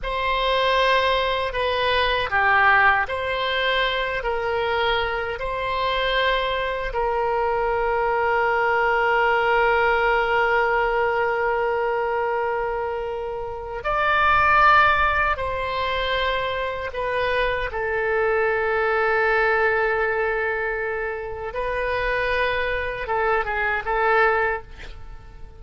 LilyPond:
\new Staff \with { instrumentName = "oboe" } { \time 4/4 \tempo 4 = 78 c''2 b'4 g'4 | c''4. ais'4. c''4~ | c''4 ais'2.~ | ais'1~ |
ais'2 d''2 | c''2 b'4 a'4~ | a'1 | b'2 a'8 gis'8 a'4 | }